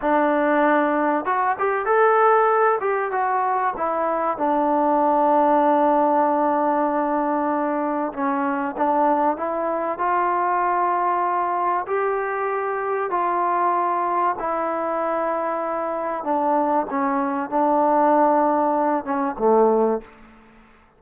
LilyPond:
\new Staff \with { instrumentName = "trombone" } { \time 4/4 \tempo 4 = 96 d'2 fis'8 g'8 a'4~ | a'8 g'8 fis'4 e'4 d'4~ | d'1~ | d'4 cis'4 d'4 e'4 |
f'2. g'4~ | g'4 f'2 e'4~ | e'2 d'4 cis'4 | d'2~ d'8 cis'8 a4 | }